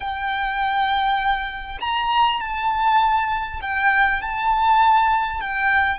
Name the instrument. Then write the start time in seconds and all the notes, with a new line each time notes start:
violin
0.00 G5
1.80 A#5
2.40 A5
3.61 G5
4.21 A5
5.41 G5